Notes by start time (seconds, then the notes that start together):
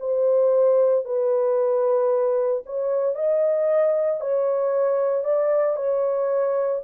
0.00 C5
1.05 B4
2.66 C#5
3.16 D#5
4.21 C#5
5.25 D5
5.77 C#5